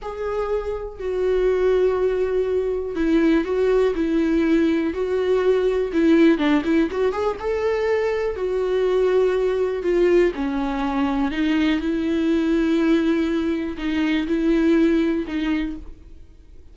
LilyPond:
\new Staff \with { instrumentName = "viola" } { \time 4/4 \tempo 4 = 122 gis'2 fis'2~ | fis'2 e'4 fis'4 | e'2 fis'2 | e'4 d'8 e'8 fis'8 gis'8 a'4~ |
a'4 fis'2. | f'4 cis'2 dis'4 | e'1 | dis'4 e'2 dis'4 | }